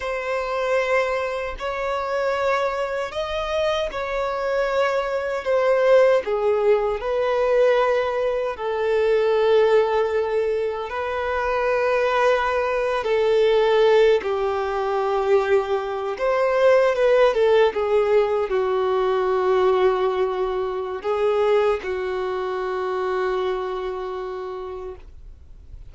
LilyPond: \new Staff \with { instrumentName = "violin" } { \time 4/4 \tempo 4 = 77 c''2 cis''2 | dis''4 cis''2 c''4 | gis'4 b'2 a'4~ | a'2 b'2~ |
b'8. a'4. g'4.~ g'16~ | g'8. c''4 b'8 a'8 gis'4 fis'16~ | fis'2. gis'4 | fis'1 | }